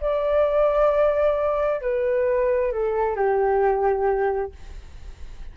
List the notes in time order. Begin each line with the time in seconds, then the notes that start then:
0.00 D5
1.81 B4
2.72 A4
3.15 G4